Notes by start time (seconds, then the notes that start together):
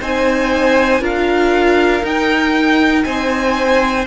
0.00 C4 D#4 C5 G#5
1.00 D4 F4 A#4 F5
2.02 D#4 G5
3.03 C4 C5 G#5